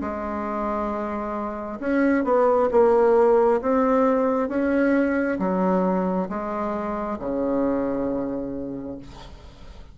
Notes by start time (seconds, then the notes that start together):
0.00 G#3
1.80 C#4
2.24 B3
2.71 A#3
3.61 C4
4.49 C#4
5.39 F#3
6.29 G#3
7.19 C#3